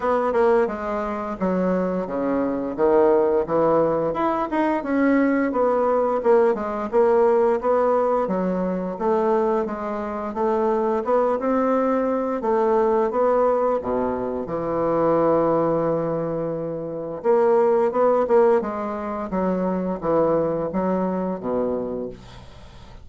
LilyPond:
\new Staff \with { instrumentName = "bassoon" } { \time 4/4 \tempo 4 = 87 b8 ais8 gis4 fis4 cis4 | dis4 e4 e'8 dis'8 cis'4 | b4 ais8 gis8 ais4 b4 | fis4 a4 gis4 a4 |
b8 c'4. a4 b4 | b,4 e2.~ | e4 ais4 b8 ais8 gis4 | fis4 e4 fis4 b,4 | }